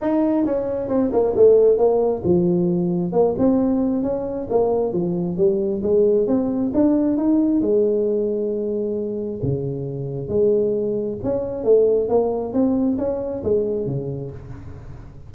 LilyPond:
\new Staff \with { instrumentName = "tuba" } { \time 4/4 \tempo 4 = 134 dis'4 cis'4 c'8 ais8 a4 | ais4 f2 ais8 c'8~ | c'4 cis'4 ais4 f4 | g4 gis4 c'4 d'4 |
dis'4 gis2.~ | gis4 cis2 gis4~ | gis4 cis'4 a4 ais4 | c'4 cis'4 gis4 cis4 | }